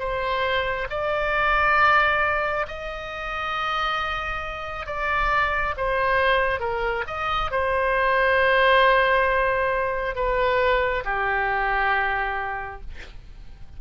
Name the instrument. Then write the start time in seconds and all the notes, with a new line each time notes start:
oboe
0.00 C5
0.90 D5
2.68 D#5
4.87 D5
5.78 C5
6.61 A#4
7.07 D#5
7.52 C5
10.16 B4
11.05 G4